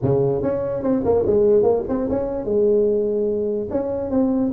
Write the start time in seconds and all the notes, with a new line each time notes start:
0.02 C#3
0.42 C#4
0.82 C4
1.04 A#3
1.26 G#3
1.62 A#3
1.88 C4
2.09 C#4
2.44 G#3
3.70 C#4
4.10 C4